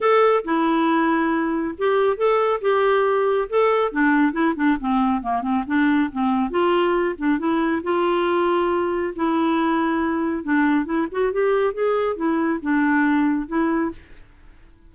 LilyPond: \new Staff \with { instrumentName = "clarinet" } { \time 4/4 \tempo 4 = 138 a'4 e'2. | g'4 a'4 g'2 | a'4 d'4 e'8 d'8 c'4 | ais8 c'8 d'4 c'4 f'4~ |
f'8 d'8 e'4 f'2~ | f'4 e'2. | d'4 e'8 fis'8 g'4 gis'4 | e'4 d'2 e'4 | }